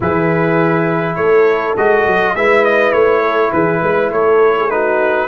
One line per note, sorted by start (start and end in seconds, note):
0.00 1.16 E3
0.00 1.77 E4
0.00 1.18 G#4
0.00 1.15 B4
1.15 1.75 A3
1.15 2.35 A4
1.15 1.74 C#5
1.76 2.06 G#3
1.76 2.36 F#4
1.76 2.35 D#5
2.06 2.35 F#3
2.35 2.92 G#3
2.35 4.70 E4
2.35 3.21 B4
2.35 2.65 E5
2.65 2.92 D#5
2.92 3.51 A3
2.92 3.51 C#5
3.21 3.50 A4
3.52 3.82 E3
3.52 3.81 G#4
3.52 4.11 B4
3.81 4.11 G#3
3.81 4.11 B4
4.11 5.28 A3
4.11 4.57 A4
4.11 4.70 C#5
4.57 4.72 G#4
4.70 5.28 D#4
4.70 5.28 F#4
4.70 5.28 B4